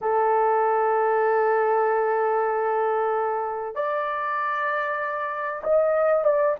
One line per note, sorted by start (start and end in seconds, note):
0.01 3.75 A4
3.75 5.62 D5
5.63 6.24 D#5
6.24 6.55 D5